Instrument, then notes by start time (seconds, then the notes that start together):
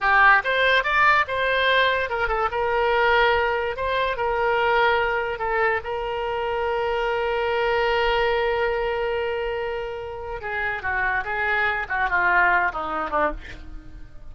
oboe
0.00 G4
0.44 C5
0.83 D5
1.27 C5
2.09 A#4
2.28 A4
2.51 A#4
3.76 C5
4.16 A#4
5.38 A4
5.84 A#4
10.41 G#4
10.82 F#4
11.24 G#4
11.89 F#4
12.09 F4
12.72 D#4
13.10 D4